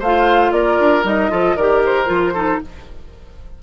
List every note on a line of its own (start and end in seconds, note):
0.00 0.52 A3
0.00 0.52 C5
0.00 0.53 F5
0.06 1.04 F4
0.52 0.78 A#3
0.52 1.32 A#4
0.52 1.05 D5
0.80 1.04 D4
1.04 1.30 G3
1.04 1.30 D#4
1.04 1.58 D#5
1.30 1.57 F3
1.30 1.56 F4
1.30 1.57 A4
1.57 2.09 D#3
1.57 2.07 G4
1.57 2.34 A#4
1.57 1.84 D5
1.85 2.63 C5
2.07 2.61 F3
2.07 2.32 F4
2.34 2.62 D#4
2.34 2.60 A4